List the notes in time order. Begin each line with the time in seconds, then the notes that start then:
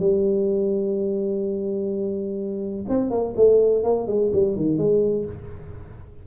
0.00 G3
2.89 C4
3.11 A#3
3.36 A3
3.84 A#3
4.08 G#3
4.33 G3
4.56 D#3
4.78 G#3